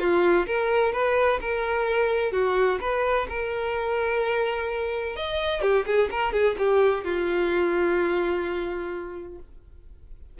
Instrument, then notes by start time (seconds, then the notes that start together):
violin
0.00 F4
0.47 A#4
0.93 B4
1.41 A#4
2.33 F#4
2.81 B4
3.30 A#4
5.17 D#5
5.62 G4
5.87 G#4
6.12 A#4
6.33 G#4
6.59 G4
7.05 F4